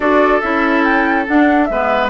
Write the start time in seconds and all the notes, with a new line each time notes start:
0.00 D4 F#4 A4 D5
0.41 C#4 E4 E5
0.83 G5
1.27 D4 F#5
1.65 G#3 B3 B4 E5